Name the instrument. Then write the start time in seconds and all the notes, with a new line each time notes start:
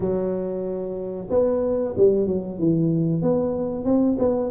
tuba
0.00 F#3
1.30 B3
1.97 G3
2.26 F#3
2.58 E3
3.22 B3
3.84 C4
4.18 B3